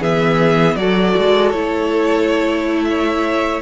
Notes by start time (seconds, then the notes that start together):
0.00 E3 B3 G#4 E5
0.76 F#3 F#4 A4 D5
1.18 G#3
1.51 A3 E4 C#5
2.85 C#5 E5